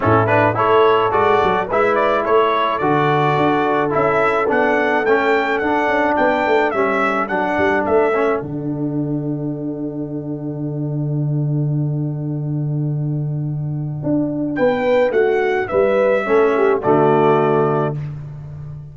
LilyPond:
<<
  \new Staff \with { instrumentName = "trumpet" } { \time 4/4 \tempo 4 = 107 a'8 b'8 cis''4 d''4 e''8 d''8 | cis''4 d''2 e''4 | fis''4 g''4 fis''4 g''4 | e''4 fis''4 e''4 fis''4~ |
fis''1~ | fis''1~ | fis''2 g''4 fis''4 | e''2 d''2 | }
  \new Staff \with { instrumentName = "horn" } { \time 4/4 e'4 a'2 b'4 | a'1~ | a'2. b'4 | a'1~ |
a'1~ | a'1~ | a'2 b'4 fis'4 | b'4 a'8 g'8 fis'2 | }
  \new Staff \with { instrumentName = "trombone" } { \time 4/4 cis'8 d'8 e'4 fis'4 e'4~ | e'4 fis'2 e'4 | d'4 cis'4 d'2 | cis'4 d'4. cis'8 d'4~ |
d'1~ | d'1~ | d'1~ | d'4 cis'4 a2 | }
  \new Staff \with { instrumentName = "tuba" } { \time 4/4 a,4 a4 gis8 fis8 gis4 | a4 d4 d'4 cis'4 | b4 a4 d'8 cis'8 b8 a8 | g4 fis8 g8 a4 d4~ |
d1~ | d1~ | d4 d'4 b4 a4 | g4 a4 d2 | }
>>